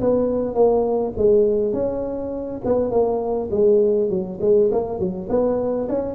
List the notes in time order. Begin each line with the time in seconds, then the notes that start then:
0.00 B3
0.54 A#3
1.17 G#3
1.73 C#4
2.64 B3
2.91 A#3
3.51 G#3
4.09 F#3
4.41 G#3
4.71 A#3
4.99 F#3
5.29 B3
5.89 C#4